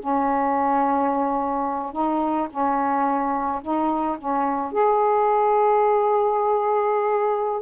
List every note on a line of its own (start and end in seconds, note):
0.00 1.93 C#4
1.93 2.48 D#4
2.51 3.62 C#4
3.62 4.18 D#4
4.19 4.72 C#4
4.72 7.62 G#4